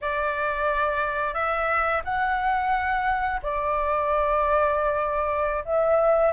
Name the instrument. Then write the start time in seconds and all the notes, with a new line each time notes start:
flute
0.01 D5
1.34 E5
2.04 F#5
3.42 D5
5.64 E5